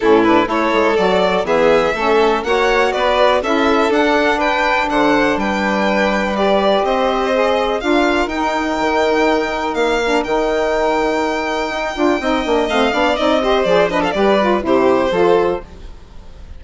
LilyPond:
<<
  \new Staff \with { instrumentName = "violin" } { \time 4/4 \tempo 4 = 123 a'8 b'8 cis''4 d''4 e''4~ | e''4 fis''4 d''4 e''4 | fis''4 g''4 fis''4 g''4~ | g''4 d''4 dis''2 |
f''4 g''2. | f''4 g''2.~ | g''2 f''4 dis''4 | d''8 dis''16 f''16 d''4 c''2 | }
  \new Staff \with { instrumentName = "violin" } { \time 4/4 e'4 a'2 gis'4 | a'4 cis''4 b'4 a'4~ | a'4 b'4 c''4 b'4~ | b'2 c''2 |
ais'1~ | ais'1~ | ais'4 dis''4. d''4 c''8~ | c''8 b'16 a'16 b'4 g'4 a'4 | }
  \new Staff \with { instrumentName = "saxophone" } { \time 4/4 cis'8 d'8 e'4 fis'4 b4 | cis'4 fis'2 e'4 | d'1~ | d'4 g'2 gis'4 |
f'4 dis'2.~ | dis'8 d'8 dis'2.~ | dis'8 f'8 dis'8 d'8 c'8 d'8 dis'8 g'8 | gis'8 d'8 g'8 f'8 e'4 f'4 | }
  \new Staff \with { instrumentName = "bassoon" } { \time 4/4 a,4 a8 gis8 fis4 e4 | a4 ais4 b4 cis'4 | d'2 d4 g4~ | g2 c'2 |
d'4 dis'4 dis2 | ais4 dis2. | dis'8 d'8 c'8 ais8 a8 b8 c'4 | f4 g4 c4 f4 | }
>>